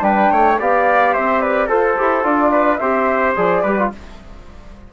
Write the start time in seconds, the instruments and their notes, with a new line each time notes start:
0.00 bassoon G3, trombone D4, trumpet B4, flute G5
0.31 bassoon A3, trumpet C#5
0.59 bassoon B3, trombone G4, trumpet D5, flute F5
1.14 bassoon C4, trumpet C5, flute E5
1.41 trumpet B4, flute D5
1.66 bassoon F4, trumpet A4, trombone A4, flute C5
1.96 bassoon E4, trombone G4
2.23 bassoon D4, trombone F4, flute D5
2.52 trumpet B4
2.77 bassoon C4, trombone G4, trumpet C5, flute E5
3.36 bassoon F3, trombone G#4, flute D5
3.62 bassoon G3, trombone G4, trumpet B4
3.79 trombone F4